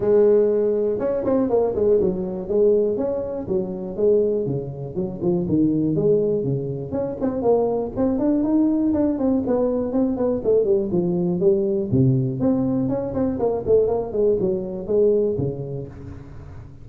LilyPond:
\new Staff \with { instrumentName = "tuba" } { \time 4/4 \tempo 4 = 121 gis2 cis'8 c'8 ais8 gis8 | fis4 gis4 cis'4 fis4 | gis4 cis4 fis8 f8 dis4 | gis4 cis4 cis'8 c'8 ais4 |
c'8 d'8 dis'4 d'8 c'8 b4 | c'8 b8 a8 g8 f4 g4 | c4 c'4 cis'8 c'8 ais8 a8 | ais8 gis8 fis4 gis4 cis4 | }